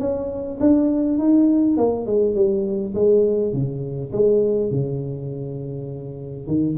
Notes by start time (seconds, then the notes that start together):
0.00 C#4
0.60 D4
1.19 D#4
1.77 A#3
2.07 G#3
2.35 G3
2.95 G#3
3.53 C#3
4.13 G#3
4.72 C#3
6.47 D#3